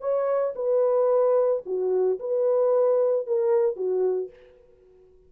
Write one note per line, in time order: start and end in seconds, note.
0.00 0.54 C#5
0.55 1.62 B4
1.65 2.19 F#4
2.19 3.27 B4
3.27 3.76 A#4
3.76 4.30 F#4